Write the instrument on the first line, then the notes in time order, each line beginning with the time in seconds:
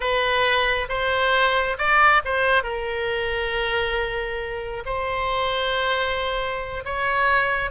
oboe
0.00 B4
0.88 C5
1.78 D5
2.24 C5
2.63 A#4
4.85 C5
6.85 C#5